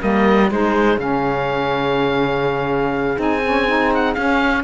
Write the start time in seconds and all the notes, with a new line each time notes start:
0.00 G3 A#3 A#4 D#5
0.51 G#3 D#4 G#4 C5
0.98 C#3 C#4 F5
3.17 C4 D#4 G#5
3.44 C#4
3.68 D#4
3.94 F#5
4.14 C#4 F5